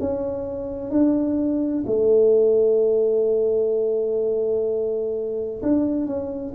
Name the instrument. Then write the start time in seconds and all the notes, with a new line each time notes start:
tuba
0.00 C#4
0.90 D4
1.87 A3
5.62 D4
6.06 C#4